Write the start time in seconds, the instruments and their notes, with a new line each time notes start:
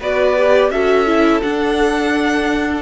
0.00 cello B3, viola F#4, violin B4 D5
0.37 viola G4
0.70 cello C#4, viola F#4, violin A4 E5
1.06 viola E4
1.42 viola D4, cello D4, violin F#5